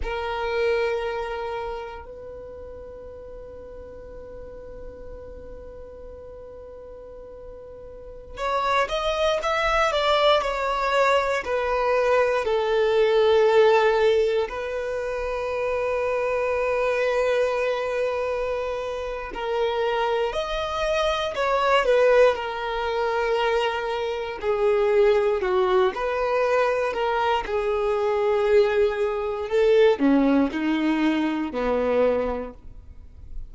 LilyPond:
\new Staff \with { instrumentName = "violin" } { \time 4/4 \tempo 4 = 59 ais'2 b'2~ | b'1~ | b'16 cis''8 dis''8 e''8 d''8 cis''4 b'8.~ | b'16 a'2 b'4.~ b'16~ |
b'2. ais'4 | dis''4 cis''8 b'8 ais'2 | gis'4 fis'8 b'4 ais'8 gis'4~ | gis'4 a'8 cis'8 dis'4 b4 | }